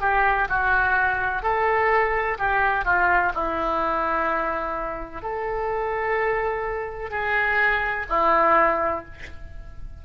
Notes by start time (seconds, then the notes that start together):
0.00 G4
0.48 F#4
1.42 A4
2.38 G4
2.85 F4
3.35 E4
5.22 A4
7.10 G#4
8.09 E4